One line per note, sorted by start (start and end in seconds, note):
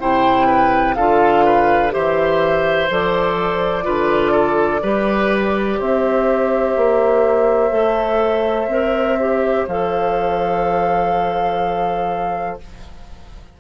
0.00 0.98 C3
0.00 0.97 E4
0.00 0.47 C5
0.00 0.95 G5
0.47 0.95 B4
0.95 1.94 D3
0.95 1.91 F4
0.95 1.45 A4
0.95 1.92 F5
1.45 1.94 B4
1.91 2.91 E3
1.91 2.87 G4
1.91 3.85 C5
1.91 2.90 E5
2.91 3.87 F3
2.91 3.83 A4
2.91 5.81 D5
3.83 4.83 D3
3.83 4.80 F4
3.83 4.32 B4
4.32 4.81 A4
4.83 5.80 G3
4.83 7.71 G4
4.83 5.80 B4
5.80 6.77 C4
5.80 12.57 C5
5.80 9.68 E5
6.77 7.72 A#3
7.71 8.68 A3
7.71 8.68 A4
8.68 9.64 C4
8.68 9.19 A#4
9.20 9.69 G4
9.68 12.58 F3
9.68 12.61 A4
9.68 12.59 F5